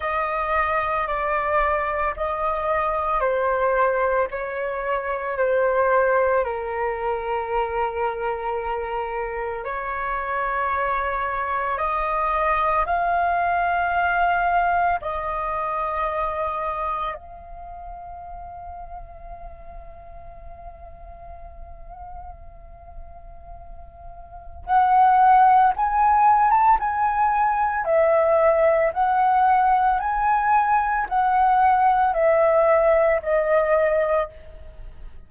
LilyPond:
\new Staff \with { instrumentName = "flute" } { \time 4/4 \tempo 4 = 56 dis''4 d''4 dis''4 c''4 | cis''4 c''4 ais'2~ | ais'4 cis''2 dis''4 | f''2 dis''2 |
f''1~ | f''2. fis''4 | gis''8. a''16 gis''4 e''4 fis''4 | gis''4 fis''4 e''4 dis''4 | }